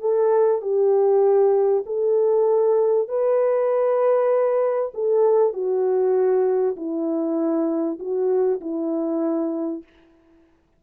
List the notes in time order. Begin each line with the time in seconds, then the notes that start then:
0.00 A4
0.61 G4
1.86 A4
3.08 B4
4.94 A4
5.53 F#4
6.76 E4
7.99 F#4
8.60 E4